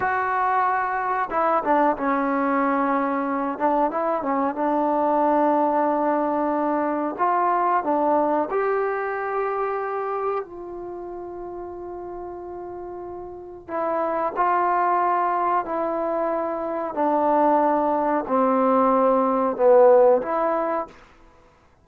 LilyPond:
\new Staff \with { instrumentName = "trombone" } { \time 4/4 \tempo 4 = 92 fis'2 e'8 d'8 cis'4~ | cis'4. d'8 e'8 cis'8 d'4~ | d'2. f'4 | d'4 g'2. |
f'1~ | f'4 e'4 f'2 | e'2 d'2 | c'2 b4 e'4 | }